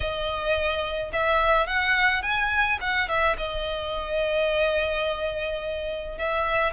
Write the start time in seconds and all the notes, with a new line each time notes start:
0.00 D#5
1.12 E5
1.66 F#5
2.22 G#5
2.80 F#5
3.08 E5
3.37 D#5
6.17 E5